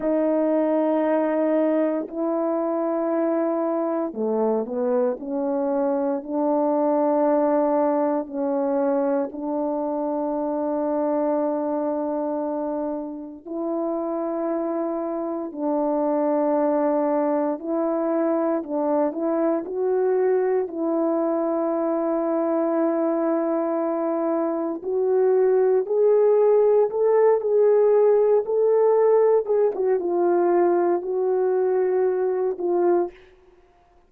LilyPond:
\new Staff \with { instrumentName = "horn" } { \time 4/4 \tempo 4 = 58 dis'2 e'2 | a8 b8 cis'4 d'2 | cis'4 d'2.~ | d'4 e'2 d'4~ |
d'4 e'4 d'8 e'8 fis'4 | e'1 | fis'4 gis'4 a'8 gis'4 a'8~ | a'8 gis'16 fis'16 f'4 fis'4. f'8 | }